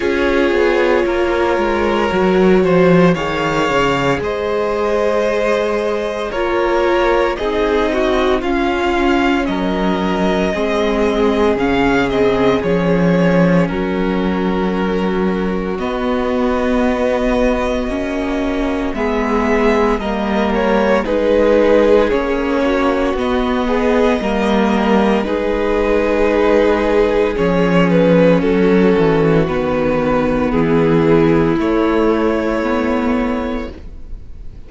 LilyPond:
<<
  \new Staff \with { instrumentName = "violin" } { \time 4/4 \tempo 4 = 57 cis''2. f''4 | dis''2 cis''4 dis''4 | f''4 dis''2 f''8 dis''8 | cis''4 ais'2 dis''4~ |
dis''2 e''4 dis''8 cis''8 | b'4 cis''4 dis''2 | b'2 cis''8 b'8 a'4 | b'4 gis'4 cis''2 | }
  \new Staff \with { instrumentName = "violin" } { \time 4/4 gis'4 ais'4. c''8 cis''4 | c''2 ais'4 gis'8 fis'8 | f'4 ais'4 gis'2~ | gis'4 fis'2.~ |
fis'2 gis'4 ais'4 | gis'4. fis'4 gis'8 ais'4 | gis'2. fis'4~ | fis'4 e'2. | }
  \new Staff \with { instrumentName = "viola" } { \time 4/4 f'2 fis'4 gis'4~ | gis'2 f'4 dis'4 | cis'2 c'4 cis'8 c'8 | cis'2. b4~ |
b4 cis'4 b4 ais4 | dis'4 cis'4 b4 ais4 | dis'2 cis'2 | b2 a4 b4 | }
  \new Staff \with { instrumentName = "cello" } { \time 4/4 cis'8 b8 ais8 gis8 fis8 f8 dis8 cis8 | gis2 ais4 c'4 | cis'4 fis4 gis4 cis4 | f4 fis2 b4~ |
b4 ais4 gis4 g4 | gis4 ais4 b4 g4 | gis2 f4 fis8 e8 | dis4 e4 a2 | }
>>